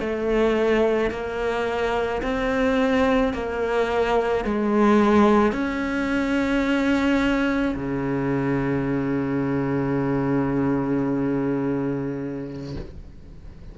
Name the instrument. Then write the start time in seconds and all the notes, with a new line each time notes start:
cello
0.00 A3
1.11 A#3
2.23 C4
3.34 A#3
4.45 G#3
5.53 C#4
7.76 C#3